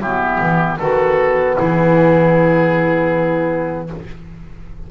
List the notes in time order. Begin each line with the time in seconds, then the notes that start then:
0.00 F#3 B3 E4 G4
0.41 E3
0.79 D#3 B3 F#4 A4
1.56 E3 E4 G#4